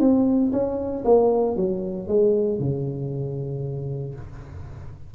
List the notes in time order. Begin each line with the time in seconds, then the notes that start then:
0.00 C4
0.52 C#4
1.05 A#3
1.56 F#3
2.08 G#3
2.60 C#3